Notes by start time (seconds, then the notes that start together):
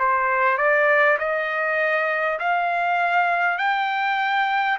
0.00 C5
0.58 D5
1.19 D#5
2.40 F5
3.59 G5